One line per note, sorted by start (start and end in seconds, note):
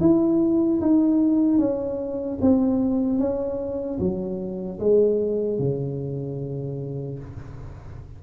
0.00 0.80 E4
0.81 1.58 D#4
1.58 2.38 C#4
2.41 3.18 C4
3.18 3.98 C#4
3.99 4.79 F#3
4.79 5.59 G#3
5.59 7.19 C#3